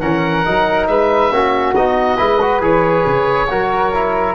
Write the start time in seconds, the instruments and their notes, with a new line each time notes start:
0.00 tuba E3, trombone C#4, flute A#4, oboe F#5
0.45 tuba F#3, trombone D#4
0.87 tuba G#3, flute B4, oboe E5
1.30 tuba A#3, trombone C#4, flute F#4
1.74 tuba B3, trombone D#4, oboe D#5
2.16 tuba G#3, trombone E4, flute B4
2.41 trombone F#4
2.60 tuba E3, trombone G#4, oboe C#5
3.05 tuba C#3
3.49 tuba F#3, trombone F#4, flute A#4
3.93 trombone E4